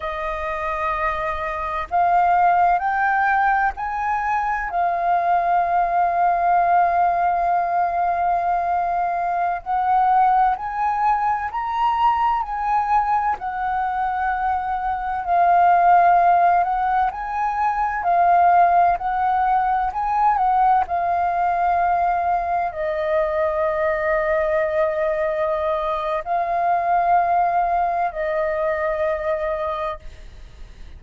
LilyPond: \new Staff \with { instrumentName = "flute" } { \time 4/4 \tempo 4 = 64 dis''2 f''4 g''4 | gis''4 f''2.~ | f''2~ f''16 fis''4 gis''8.~ | gis''16 ais''4 gis''4 fis''4.~ fis''16~ |
fis''16 f''4. fis''8 gis''4 f''8.~ | f''16 fis''4 gis''8 fis''8 f''4.~ f''16~ | f''16 dis''2.~ dis''8. | f''2 dis''2 | }